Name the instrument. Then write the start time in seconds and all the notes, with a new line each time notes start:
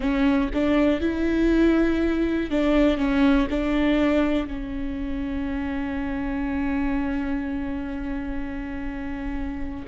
viola
0.00 C#4
0.53 D4
1.00 E4
2.50 D4
2.97 C#4
3.50 D4
4.47 C#4